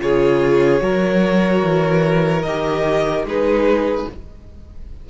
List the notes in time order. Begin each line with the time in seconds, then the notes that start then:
0.00 C#3 F4 G#4 C#5
0.80 F#3 F#4 A#4
1.63 E3
2.43 D#3 G4 D#5
3.25 G#3 D#4 G#4 B4